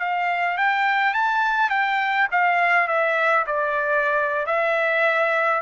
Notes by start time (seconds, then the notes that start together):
0.00 F5
0.58 G5
1.14 A5
1.70 G5
2.32 F5
2.88 E5
3.47 D5
4.47 E5